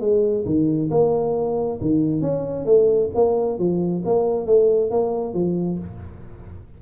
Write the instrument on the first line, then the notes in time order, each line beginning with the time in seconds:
tuba
0.00 G#3
0.45 D#3
0.90 A#3
1.81 D#3
2.21 C#4
2.65 A3
3.14 A#3
3.58 F3
4.05 A#3
4.46 A3
4.90 A#3
5.34 F3